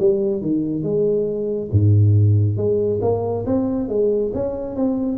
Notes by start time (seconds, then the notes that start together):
0.00 G3
0.42 D#3
0.83 G#3
1.72 G#2
2.57 G#3
3.02 A#3
3.46 C4
3.89 G#3
4.34 C#4
4.76 C4